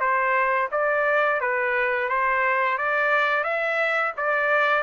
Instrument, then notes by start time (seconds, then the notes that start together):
trumpet
0.00 C5
0.71 D5
1.41 B4
2.09 C5
2.78 D5
3.44 E5
4.17 D5